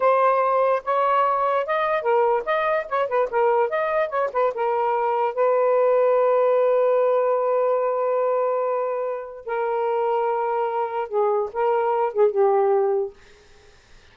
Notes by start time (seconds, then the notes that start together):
0.00 C5
0.84 C#5
1.66 D#5
2.02 A#4
2.45 D#5
2.89 C#5
3.08 B4
3.30 A#4
3.69 D#5
4.09 C#5
4.32 B4
4.54 A#4
5.34 B4
9.45 A#4
11.08 G#4
11.52 A#4
12.13 G#4
12.31 G4